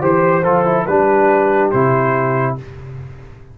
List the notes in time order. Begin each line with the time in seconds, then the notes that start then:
0.00 E3 G4 C5
0.44 F3 F4 A4
0.65 E4
0.86 G3 D4 G4 B4
1.71 C3 E4 C5